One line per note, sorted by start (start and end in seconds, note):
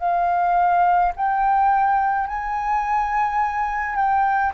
0.00 1.13 F5
1.17 2.28 G5
2.28 3.96 G#5
3.96 4.53 G5